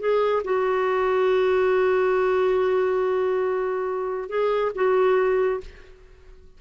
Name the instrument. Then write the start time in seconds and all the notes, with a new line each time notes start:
clarinet
0.00 G#4
0.45 F#4
4.29 G#4
4.75 F#4